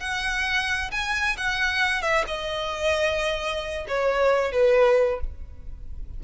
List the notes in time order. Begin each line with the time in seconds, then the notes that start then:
0.00 F#5
0.91 G#5
1.37 F#5
2.02 E5
2.27 D#5
3.88 C#5
4.52 B4